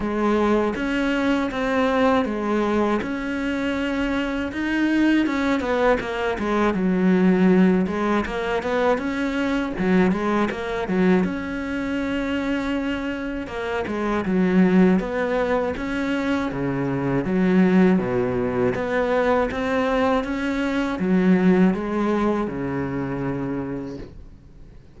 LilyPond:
\new Staff \with { instrumentName = "cello" } { \time 4/4 \tempo 4 = 80 gis4 cis'4 c'4 gis4 | cis'2 dis'4 cis'8 b8 | ais8 gis8 fis4. gis8 ais8 b8 | cis'4 fis8 gis8 ais8 fis8 cis'4~ |
cis'2 ais8 gis8 fis4 | b4 cis'4 cis4 fis4 | b,4 b4 c'4 cis'4 | fis4 gis4 cis2 | }